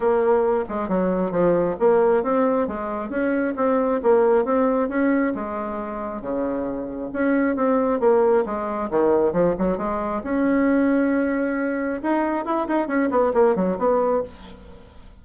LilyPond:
\new Staff \with { instrumentName = "bassoon" } { \time 4/4 \tempo 4 = 135 ais4. gis8 fis4 f4 | ais4 c'4 gis4 cis'4 | c'4 ais4 c'4 cis'4 | gis2 cis2 |
cis'4 c'4 ais4 gis4 | dis4 f8 fis8 gis4 cis'4~ | cis'2. dis'4 | e'8 dis'8 cis'8 b8 ais8 fis8 b4 | }